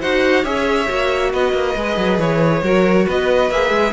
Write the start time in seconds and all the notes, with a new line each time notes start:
0.00 D#4 F#4 C5 F#5
0.43 C#4 G#4 C#5 E5
0.87 A#3 F#4
1.31 B3 B4 D#5
1.53 A#3
1.75 G#3 G#4
1.97 F#3
2.18 E3 C#5
2.62 F#3 F#4 A#4
3.05 B3 B4 D#5
3.50 A#3 G#4 E5
3.70 G#3